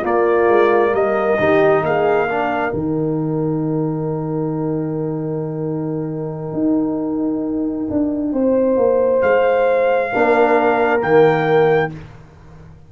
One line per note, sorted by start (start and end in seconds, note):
0.00 1.37 A#3
0.00 0.48 A#3
0.00 0.90 F4
0.00 0.94 D5
0.48 0.93 G#3
0.93 1.37 G3
0.93 1.38 A#4
0.93 1.84 D#5
1.38 1.82 D#3
1.38 2.28 D#4
1.38 1.83 G4
1.82 2.72 A#3
1.82 2.27 G#4
1.82 2.74 F5
2.27 2.70 D4
2.27 8.31 A#4
2.70 6.53 D#3
2.70 10.09 D#4
2.70 9.21 G5
6.53 7.87 D#4
7.90 8.33 D4
8.32 8.76 C4
8.32 10.11 C5
8.76 9.21 A#3
9.21 10.12 G#3
9.21 11.01 F5
10.12 11.02 A#3
10.12 11.00 D4
10.12 11.92 A#4
11.00 11.92 D#3
11.00 11.89 A#3
11.00 11.91 G5